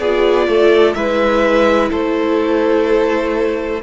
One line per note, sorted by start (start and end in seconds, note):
0.00 0.48 B3
0.00 0.97 F4
0.00 0.48 G#4
0.00 0.94 D5
0.48 0.95 A3
0.48 0.96 A4
0.94 1.91 G#3
0.94 3.83 E4
0.94 1.91 B4
0.94 1.89 E5
1.91 3.83 A3
1.91 3.82 A4
1.91 3.82 C5